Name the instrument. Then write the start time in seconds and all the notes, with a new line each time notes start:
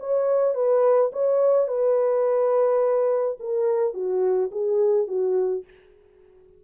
horn
0.00 C#5
0.55 B4
1.13 C#5
1.68 B4
3.40 A#4
3.94 F#4
4.52 G#4
5.08 F#4